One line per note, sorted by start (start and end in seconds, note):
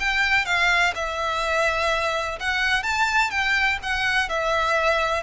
0.00 0.46 G5
0.46 0.94 F5
0.95 2.39 E5
2.40 2.83 F#5
2.83 3.31 A5
3.31 3.79 G5
3.83 4.30 F#5
4.30 5.23 E5